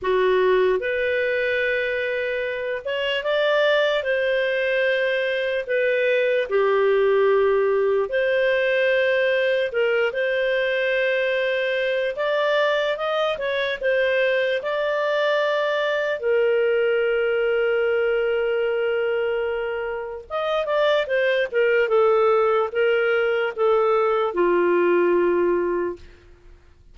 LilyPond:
\new Staff \with { instrumentName = "clarinet" } { \time 4/4 \tempo 4 = 74 fis'4 b'2~ b'8 cis''8 | d''4 c''2 b'4 | g'2 c''2 | ais'8 c''2~ c''8 d''4 |
dis''8 cis''8 c''4 d''2 | ais'1~ | ais'4 dis''8 d''8 c''8 ais'8 a'4 | ais'4 a'4 f'2 | }